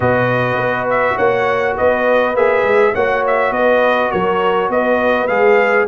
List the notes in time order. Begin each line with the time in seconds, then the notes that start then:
0.00 B2 F#4 B4 D#5
0.55 B3
0.89 E5
1.15 A#3 C#5 F#5
1.76 B3 B4 D#5
2.35 A#3 G#4 E5
2.63 G#3
2.93 A#3 F#4 C#5 F#5
3.26 E5
3.51 B3 B4 D#5
4.11 F#3 A#4 C#5
4.69 B3 B4 D#5
5.27 G#3 G#4 F5